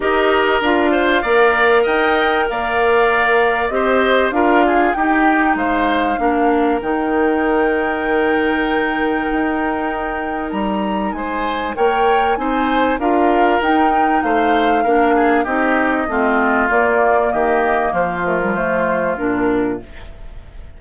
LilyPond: <<
  \new Staff \with { instrumentName = "flute" } { \time 4/4 \tempo 4 = 97 dis''4 f''2 g''4 | f''2 dis''4 f''4 | g''4 f''2 g''4~ | g''1~ |
g''4 ais''4 gis''4 g''4 | gis''4 f''4 g''4 f''4~ | f''4 dis''2 d''4 | dis''4 c''8 ais'8 c''4 ais'4 | }
  \new Staff \with { instrumentName = "oboe" } { \time 4/4 ais'4. c''8 d''4 dis''4 | d''2 c''4 ais'8 gis'8 | g'4 c''4 ais'2~ | ais'1~ |
ais'2 c''4 cis''4 | c''4 ais'2 c''4 | ais'8 gis'8 g'4 f'2 | g'4 f'2. | }
  \new Staff \with { instrumentName = "clarinet" } { \time 4/4 g'4 f'4 ais'2~ | ais'2 g'4 f'4 | dis'2 d'4 dis'4~ | dis'1~ |
dis'2. ais'4 | dis'4 f'4 dis'2 | d'4 dis'4 c'4 ais4~ | ais4. a16 g16 a4 d'4 | }
  \new Staff \with { instrumentName = "bassoon" } { \time 4/4 dis'4 d'4 ais4 dis'4 | ais2 c'4 d'4 | dis'4 gis4 ais4 dis4~ | dis2. dis'4~ |
dis'4 g4 gis4 ais4 | c'4 d'4 dis'4 a4 | ais4 c'4 a4 ais4 | dis4 f2 ais,4 | }
>>